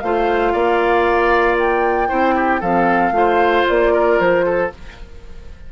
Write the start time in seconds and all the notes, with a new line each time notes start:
0.00 A3 F4 C5 F5
0.52 A#3 D5
1.58 G5
2.08 C4 E4 C5
2.35 G4
2.60 F3 C4 A4 F5
3.11 A3 F4 C5
3.68 A#3 D5
3.93 A#4
4.19 F3 C5
4.45 A4